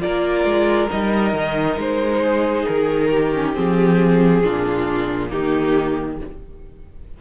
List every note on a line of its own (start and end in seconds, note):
0.00 0.88 F4
0.00 2.23 A#4
0.00 0.90 D5
0.07 0.45 A#3
0.45 0.89 G#3
0.91 1.34 G3
0.91 3.33 D#4
0.91 1.79 D#5
1.34 1.77 D#3
1.77 2.66 G#3
1.77 2.67 C5
2.23 3.11 G#4
2.67 3.58 D#3
2.67 3.54 A#4
3.11 4.44 G4
3.35 3.55 C#4
3.54 4.44 F3
3.54 4.43 C4
3.54 5.30 G#4
4.43 5.33 A#2
4.43 5.29 D4
4.43 5.29 F4
5.29 6.21 D#3
5.29 6.17 A#3
5.29 6.17 D#4
5.29 6.19 G4